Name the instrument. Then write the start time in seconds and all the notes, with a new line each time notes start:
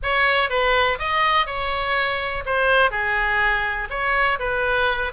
oboe
0.02 C#5
0.49 B4
0.98 D#5
1.46 C#5
2.45 C5
2.90 G#4
3.89 C#5
4.39 B4